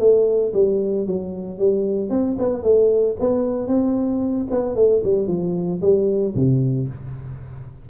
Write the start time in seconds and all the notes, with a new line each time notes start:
0.00 A3
0.54 G3
1.07 F#3
1.59 G3
2.10 C4
2.39 B3
2.64 A3
3.20 B3
3.68 C4
4.51 B3
4.76 A3
5.04 G3
5.28 F3
5.82 G3
6.35 C3